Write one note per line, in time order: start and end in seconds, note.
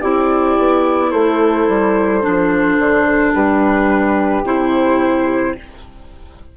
0.00 0.58 C4
0.00 2.22 E4
0.00 1.11 G4
0.00 1.11 D5
0.59 1.13 B3
1.11 1.68 A3
1.11 3.34 A4
1.11 3.33 C5
1.68 2.24 G3
2.22 2.78 F3
2.22 4.45 D4
2.78 3.34 D3
3.34 4.44 G3
3.34 5.56 G4
3.34 4.45 B4
4.44 5.55 C3
4.44 5.56 E4
4.44 5.57 C5